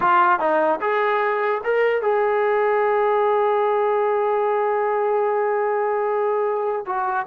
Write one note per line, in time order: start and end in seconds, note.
0.00 0.39 F4
0.39 0.79 D#4
0.81 1.61 G#4
1.63 2.02 A#4
2.02 6.85 G#4
6.86 7.26 F#4